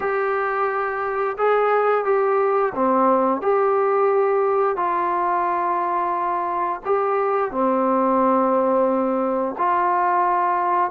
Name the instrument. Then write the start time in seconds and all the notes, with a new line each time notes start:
trombone
0.00 G4
1.37 G#4
2.05 G4
2.75 C4
3.41 G4
4.76 F4
6.85 G4
7.51 C4
9.58 F4